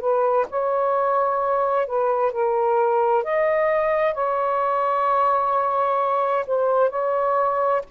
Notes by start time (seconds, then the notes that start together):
0.00 B4
0.50 C#5
1.86 B4
2.32 A#4
3.24 D#5
4.14 C#5
6.47 C5
6.89 C#5